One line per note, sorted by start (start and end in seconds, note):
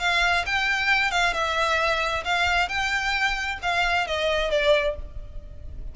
0.00 0.45 F5
0.46 1.11 G5
1.11 1.34 F5
1.34 2.24 E5
2.25 2.69 F5
2.69 3.59 G5
3.62 4.07 F5
4.07 4.51 D#5
4.51 4.96 D5